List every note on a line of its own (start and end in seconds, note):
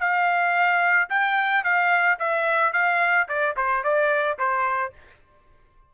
0.00 1.09 F5
1.09 1.64 G5
1.64 2.18 F5
2.19 2.73 E5
2.73 3.27 F5
3.28 3.55 D5
3.56 3.83 C5
3.83 4.38 D5
4.38 4.93 C5